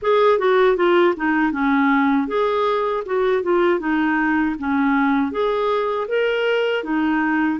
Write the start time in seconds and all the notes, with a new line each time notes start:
0.02 G#4
0.38 F#4
0.76 F4
1.16 D#4
1.52 C#4
2.27 G#4
3.05 F#4
3.42 F4
3.79 D#4
4.58 C#4
5.31 G#4
6.08 A#4
6.83 D#4